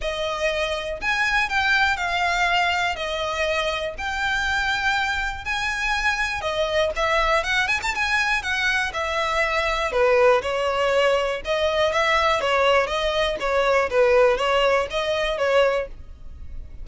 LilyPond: \new Staff \with { instrumentName = "violin" } { \time 4/4 \tempo 4 = 121 dis''2 gis''4 g''4 | f''2 dis''2 | g''2. gis''4~ | gis''4 dis''4 e''4 fis''8 gis''16 a''16 |
gis''4 fis''4 e''2 | b'4 cis''2 dis''4 | e''4 cis''4 dis''4 cis''4 | b'4 cis''4 dis''4 cis''4 | }